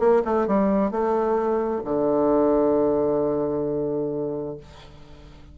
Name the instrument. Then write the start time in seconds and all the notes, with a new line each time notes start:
bassoon
0.00 A#3
0.25 A3
0.48 G3
0.92 A3
1.85 D3